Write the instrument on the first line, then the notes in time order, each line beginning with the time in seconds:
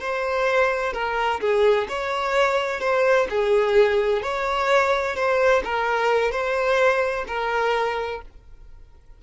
violin
0.00 C5
0.93 A#4
1.41 G#4
1.89 C#5
2.80 C5
3.30 G#4
4.22 C#5
5.16 C5
5.64 A#4
6.31 C5
7.28 A#4